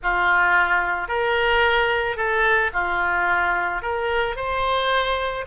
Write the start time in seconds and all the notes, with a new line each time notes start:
0.02 F4
1.08 A#4
2.16 A4
2.73 F4
3.82 A#4
4.36 C5